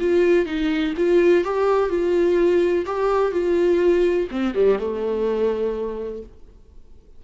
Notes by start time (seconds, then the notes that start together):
0.00 F4
0.46 D#4
0.97 F4
1.44 G4
1.90 F4
2.86 G4
3.32 F4
4.31 C4
4.55 G3
4.78 A3